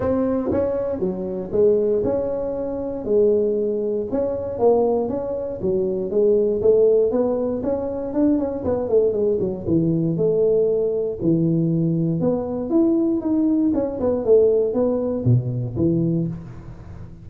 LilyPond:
\new Staff \with { instrumentName = "tuba" } { \time 4/4 \tempo 4 = 118 c'4 cis'4 fis4 gis4 | cis'2 gis2 | cis'4 ais4 cis'4 fis4 | gis4 a4 b4 cis'4 |
d'8 cis'8 b8 a8 gis8 fis8 e4 | a2 e2 | b4 e'4 dis'4 cis'8 b8 | a4 b4 b,4 e4 | }